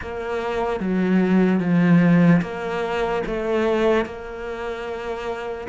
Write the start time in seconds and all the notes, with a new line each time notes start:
0.01 A#3
0.80 F#3
1.60 F3
2.41 A#3
3.26 A3
4.05 A#3